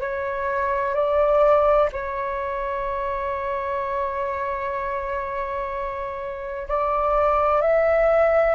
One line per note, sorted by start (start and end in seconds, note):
0.00 0.94 C#5
0.94 1.89 D5
1.92 6.68 C#5
6.68 7.61 D5
7.61 8.55 E5